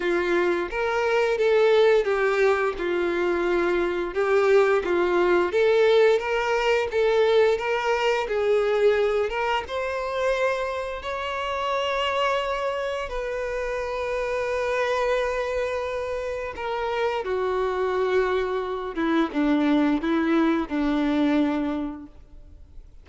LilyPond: \new Staff \with { instrumentName = "violin" } { \time 4/4 \tempo 4 = 87 f'4 ais'4 a'4 g'4 | f'2 g'4 f'4 | a'4 ais'4 a'4 ais'4 | gis'4. ais'8 c''2 |
cis''2. b'4~ | b'1 | ais'4 fis'2~ fis'8 e'8 | d'4 e'4 d'2 | }